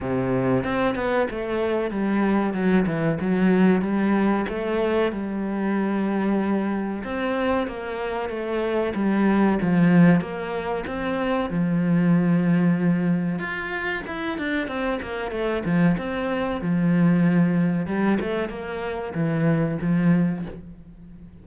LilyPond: \new Staff \with { instrumentName = "cello" } { \time 4/4 \tempo 4 = 94 c4 c'8 b8 a4 g4 | fis8 e8 fis4 g4 a4 | g2. c'4 | ais4 a4 g4 f4 |
ais4 c'4 f2~ | f4 f'4 e'8 d'8 c'8 ais8 | a8 f8 c'4 f2 | g8 a8 ais4 e4 f4 | }